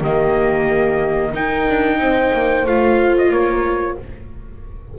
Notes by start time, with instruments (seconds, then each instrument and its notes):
0.00 double bass D#3, viola A#3, horn G4, trumpet D#5
1.32 double bass D#4, viola D#4, horn A#4, trumpet G5
1.69 double bass D4
1.98 double bass C4, horn C5
2.33 double bass A#3
2.65 double bass A3, viola F4, trumpet F5
3.18 trumpet D#5
3.30 double bass A#3, horn A#4, trumpet C#5